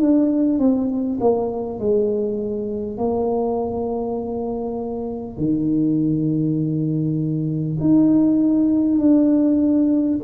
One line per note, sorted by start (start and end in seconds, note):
0.00 0.58 D4
0.58 1.18 C4
1.20 1.79 A#3
1.79 2.97 G#3
2.97 5.37 A#3
5.37 7.77 D#3
7.80 8.98 D#4
8.98 10.18 D4